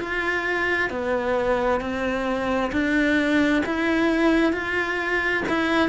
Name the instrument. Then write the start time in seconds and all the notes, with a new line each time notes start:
cello
0.00 F4
0.90 B3
1.81 C4
2.72 D4
3.66 E4
4.52 F4
5.49 E4